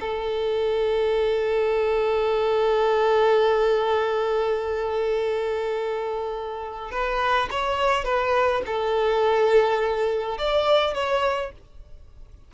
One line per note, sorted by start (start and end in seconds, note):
0.00 6.91 A4
6.91 7.49 B4
7.51 8.04 C#5
8.04 8.62 B4
8.66 10.38 A4
10.38 10.94 D5
10.94 11.51 C#5